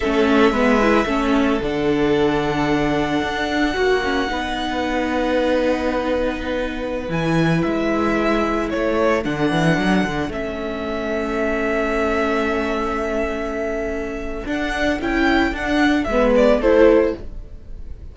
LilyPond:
<<
  \new Staff \with { instrumentName = "violin" } { \time 4/4 \tempo 4 = 112 e''2. fis''4~ | fis''1~ | fis''1~ | fis''4~ fis''16 gis''4 e''4.~ e''16~ |
e''16 cis''4 fis''2 e''8.~ | e''1~ | e''2. fis''4 | g''4 fis''4 e''8 d''8 c''4 | }
  \new Staff \with { instrumentName = "violin" } { \time 4/4 a'4 b'4 a'2~ | a'2. fis'4 | b'1~ | b'1~ |
b'16 a'2.~ a'8.~ | a'1~ | a'1~ | a'2 b'4 a'4 | }
  \new Staff \with { instrumentName = "viola" } { \time 4/4 cis'4 b8 e'8 cis'4 d'4~ | d'2. fis'8 cis'8 | dis'1~ | dis'4~ dis'16 e'2~ e'8.~ |
e'4~ e'16 d'2 cis'8.~ | cis'1~ | cis'2. d'4 | e'4 d'4 b4 e'4 | }
  \new Staff \with { instrumentName = "cello" } { \time 4/4 a4 gis4 a4 d4~ | d2 d'4 ais4 | b1~ | b4~ b16 e4 gis4.~ gis16~ |
gis16 a4 d8 e8 fis8 d8 a8.~ | a1~ | a2. d'4 | cis'4 d'4 gis4 a4 | }
>>